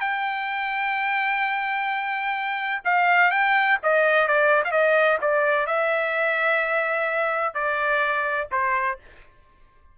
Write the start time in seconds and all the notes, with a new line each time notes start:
0.00 G5
2.84 F5
3.30 G5
3.83 D#5
4.27 D5
4.64 F5
4.71 D#5
5.21 D5
5.66 E5
7.54 D5
8.51 C5